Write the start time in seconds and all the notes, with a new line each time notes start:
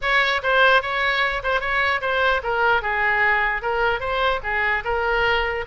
0.01 C#5
0.42 C5
0.82 C#5
1.43 C5
1.60 C#5
2.01 C5
2.43 A#4
2.82 G#4
3.62 A#4
3.99 C5
4.43 G#4
4.84 A#4